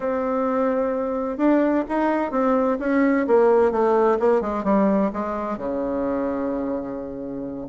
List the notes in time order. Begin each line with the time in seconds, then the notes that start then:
0.00 C4
1.37 D4
1.89 D#4
2.31 C4
2.79 C#4
3.27 A#3
3.71 A3
4.19 A#3
4.41 G#3
4.64 G3
5.13 G#3
5.57 C#3